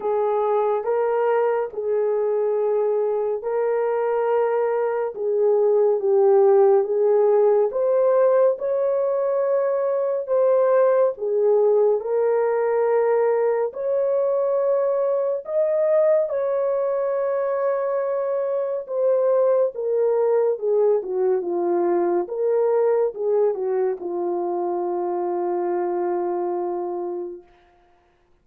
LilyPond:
\new Staff \with { instrumentName = "horn" } { \time 4/4 \tempo 4 = 70 gis'4 ais'4 gis'2 | ais'2 gis'4 g'4 | gis'4 c''4 cis''2 | c''4 gis'4 ais'2 |
cis''2 dis''4 cis''4~ | cis''2 c''4 ais'4 | gis'8 fis'8 f'4 ais'4 gis'8 fis'8 | f'1 | }